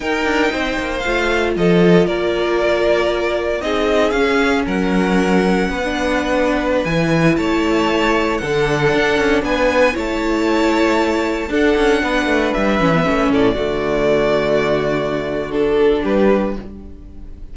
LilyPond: <<
  \new Staff \with { instrumentName = "violin" } { \time 4/4 \tempo 4 = 116 g''2 f''4 dis''4 | d''2. dis''4 | f''4 fis''2.~ | fis''4~ fis''16 gis''4 a''4.~ a''16~ |
a''16 fis''2 gis''4 a''8.~ | a''2~ a''16 fis''4.~ fis''16~ | fis''16 e''4. d''2~ d''16~ | d''2 a'4 b'4 | }
  \new Staff \with { instrumentName = "violin" } { \time 4/4 ais'4 c''2 a'4 | ais'2. gis'4~ | gis'4 ais'2 b'4~ | b'2~ b'16 cis''4.~ cis''16~ |
cis''16 a'2 b'4 cis''8.~ | cis''2~ cis''16 a'4 b'8.~ | b'4.~ b'16 a'8 fis'4.~ fis'16~ | fis'2. g'4 | }
  \new Staff \with { instrumentName = "viola" } { \time 4/4 dis'2 f'2~ | f'2. dis'4 | cis'2.~ cis'16 d'8.~ | d'4~ d'16 e'2~ e'8.~ |
e'16 d'2. e'8.~ | e'2~ e'16 d'4.~ d'16~ | d'8. cis'16 b16 cis'4 a4.~ a16~ | a2 d'2 | }
  \new Staff \with { instrumentName = "cello" } { \time 4/4 dis'8 d'8 c'8 ais8 a4 f4 | ais2. c'4 | cis'4 fis2 b4~ | b4~ b16 e4 a4.~ a16~ |
a16 d4 d'8 cis'8 b4 a8.~ | a2~ a16 d'8 cis'8 b8 a16~ | a16 g8 e8 a8 a,8 d4.~ d16~ | d2. g4 | }
>>